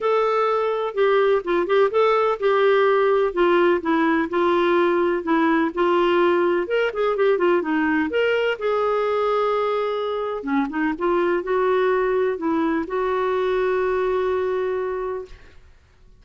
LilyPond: \new Staff \with { instrumentName = "clarinet" } { \time 4/4 \tempo 4 = 126 a'2 g'4 f'8 g'8 | a'4 g'2 f'4 | e'4 f'2 e'4 | f'2 ais'8 gis'8 g'8 f'8 |
dis'4 ais'4 gis'2~ | gis'2 cis'8 dis'8 f'4 | fis'2 e'4 fis'4~ | fis'1 | }